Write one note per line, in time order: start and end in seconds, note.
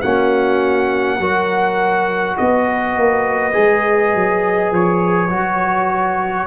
0.00 1.19 A#3
0.00 1.21 C#4
0.00 1.18 F#4
0.00 2.37 F#5
1.19 2.37 F#3
1.19 3.53 F#4
1.19 2.37 A#4
2.37 2.96 B3
2.37 6.47 B4
2.37 4.73 D#5
2.96 3.55 A#3
3.53 4.15 G#3
3.53 5.29 G#4
4.15 4.72 F#3
4.72 5.30 F3
4.72 6.47 C#5
5.30 6.47 F#3
5.30 6.47 F#4